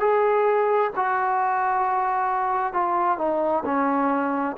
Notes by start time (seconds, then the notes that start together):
0.00 G#4
0.96 F#4
2.73 F4
3.18 D#4
3.65 C#4